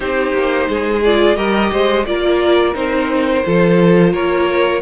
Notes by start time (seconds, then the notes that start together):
0.00 C4 D#4 G4 C5
0.33 A#3
0.69 G#3 G#4
1.04 F4 D5
1.36 G3 G4 A#4 D#5
1.71 G#3 C5
2.06 A#3 F4 A#4 D5
2.73 C4 D#4 C5
3.45 F3 F4 A4
4.12 A#3 A#4 C#5